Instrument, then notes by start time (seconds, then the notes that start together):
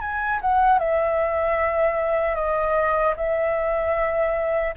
flute
0.00 G#5
0.41 F#5
0.78 E5
2.35 D#5
3.16 E5